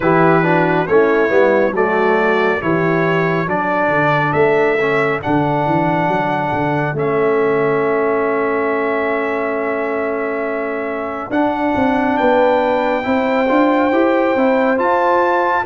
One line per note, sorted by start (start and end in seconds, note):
0.00 0.84 E3
0.00 0.43 E4
0.00 0.45 G4
0.00 0.86 B4
0.43 0.86 D4
0.43 0.88 F#4
0.87 1.30 A3
0.87 1.28 C#4
0.87 1.75 E4
0.87 1.74 C#5
1.28 1.71 G3
1.28 1.72 B3
1.71 2.58 F#3
1.71 2.61 A3
1.71 2.62 F#4
1.71 2.61 D5
2.61 3.46 E3
2.61 3.47 E4
2.61 3.47 G4
2.61 3.48 C#5
3.46 3.89 F#3
3.46 4.78 D4
3.46 12.17 A4
3.46 4.32 D5
3.89 4.32 D3
4.32 5.20 A3
4.32 5.19 E5
4.80 5.22 C#4
5.22 5.66 D3
5.22 6.95 D4
5.22 6.96 F#5
5.66 6.07 E3
6.07 6.51 F#3
6.52 6.93 D3
6.93 11.28 A3
6.93 11.30 C#4
6.93 11.31 E5
11.30 11.73 D4
11.30 13.03 D4
11.30 12.17 F#5
11.75 12.19 C4
12.17 13.06 B3
12.17 13.05 B4
12.17 14.78 G5
13.03 13.49 C4
13.03 13.46 E4
13.03 15.66 C5
13.47 13.91 D4
13.47 13.91 F4
13.91 14.35 E4
13.91 14.35 G4
14.35 14.78 C4
14.35 14.77 E4
14.77 15.64 F4
14.77 15.65 F4
14.77 15.65 A5